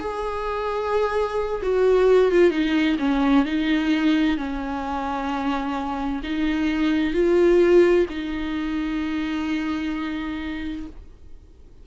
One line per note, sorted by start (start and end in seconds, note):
0.00 1.62 G#4
1.62 2.32 F#4
2.32 2.50 F4
2.50 2.97 D#4
2.99 3.45 C#4
3.45 4.37 D#4
4.37 6.22 C#4
6.23 7.14 D#4
7.14 8.06 F4
8.09 10.86 D#4